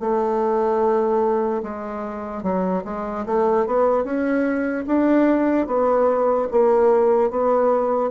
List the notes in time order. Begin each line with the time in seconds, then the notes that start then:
0.00 A3
1.63 G#3
2.43 F#3
2.85 G#3
3.26 A3
3.66 B3
4.04 C#4
4.87 D4
5.67 B3
6.51 A#3
7.30 B3